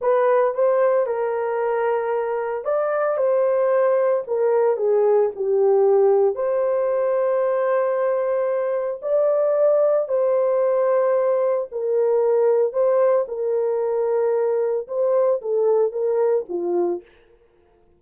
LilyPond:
\new Staff \with { instrumentName = "horn" } { \time 4/4 \tempo 4 = 113 b'4 c''4 ais'2~ | ais'4 d''4 c''2 | ais'4 gis'4 g'2 | c''1~ |
c''4 d''2 c''4~ | c''2 ais'2 | c''4 ais'2. | c''4 a'4 ais'4 f'4 | }